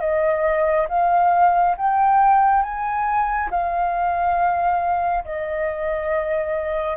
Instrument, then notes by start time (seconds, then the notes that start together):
flute
0.00 D#5
0.89 F5
1.77 G5
2.62 G#5
3.51 F5
5.25 D#5